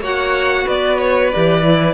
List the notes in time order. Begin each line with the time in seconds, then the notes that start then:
0.00 A#3 F#4 C#5 F#5
0.64 B3 B4 D5
0.99 C#5
1.31 E3 G4 D5
1.63 E4